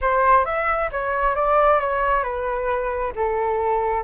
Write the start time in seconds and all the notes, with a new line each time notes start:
0.01 C5
0.45 E5
0.91 C#5
1.35 D5
1.80 C#5
2.23 B4
3.15 A4